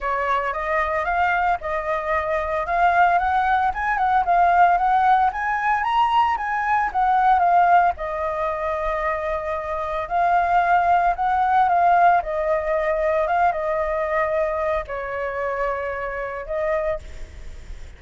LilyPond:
\new Staff \with { instrumentName = "flute" } { \time 4/4 \tempo 4 = 113 cis''4 dis''4 f''4 dis''4~ | dis''4 f''4 fis''4 gis''8 fis''8 | f''4 fis''4 gis''4 ais''4 | gis''4 fis''4 f''4 dis''4~ |
dis''2. f''4~ | f''4 fis''4 f''4 dis''4~ | dis''4 f''8 dis''2~ dis''8 | cis''2. dis''4 | }